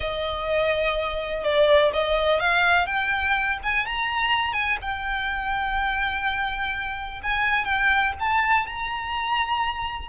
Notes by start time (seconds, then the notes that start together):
0.00 D#5
1.43 D5
1.93 D#5
2.40 F5
2.86 G5
3.63 G#5
3.86 A#5
4.53 G#5
4.81 G5
7.22 G#5
7.65 G5
8.19 A5
8.66 A#5